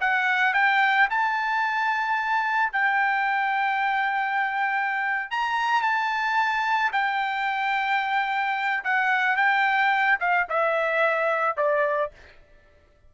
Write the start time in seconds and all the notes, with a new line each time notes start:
0.00 F#5
0.53 G5
1.09 A5
2.72 G5
5.31 A#5
5.81 A5
6.92 G5
8.84 F#5
9.36 G5
10.20 F5
10.49 E5
11.56 D5